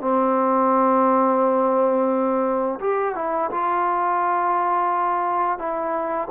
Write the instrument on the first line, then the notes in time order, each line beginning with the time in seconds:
trombone
0.00 C4
2.80 G4
3.15 E4
3.51 F4
5.58 E4